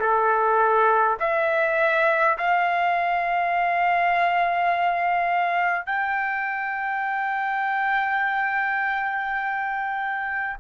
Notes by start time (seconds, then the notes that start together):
0.00 A4
1.20 E5
2.38 F5
5.86 G5